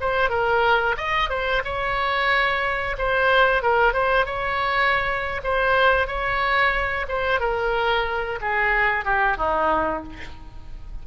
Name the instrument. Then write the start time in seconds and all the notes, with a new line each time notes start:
oboe
0.00 C5
0.29 A#4
0.97 D#5
1.29 C5
1.64 C#5
2.98 C5
3.62 A#4
3.93 C5
4.25 C#5
5.43 C5
6.07 C#5
7.08 C5
7.40 A#4
8.41 G#4
9.04 G4
9.37 D#4